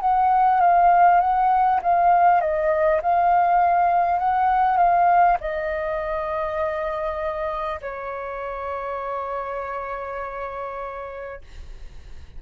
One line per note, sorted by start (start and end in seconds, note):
0.00 0.60 F#5
0.60 1.20 F5
1.20 1.80 F#5
1.82 2.41 F5
2.41 3.01 D#5
3.02 4.18 F5
4.18 4.77 F#5
4.77 5.37 F5
5.40 7.80 D#5
7.81 11.41 C#5